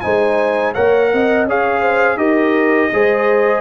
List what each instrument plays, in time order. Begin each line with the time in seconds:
0.00 tuba G#3, trombone D#4, horn C5, trumpet G#5
0.74 tuba A#3, trombone A#4, horn C#5, trumpet F#5
1.13 tuba C4, horn D#5
1.44 tuba C#4, trombone G#4, horn C#5, trumpet F5
1.80 horn C5
2.16 tuba D#4, trombone G4, horn A#4, trumpet D#5
2.93 tuba G#3, trombone G#4, horn C5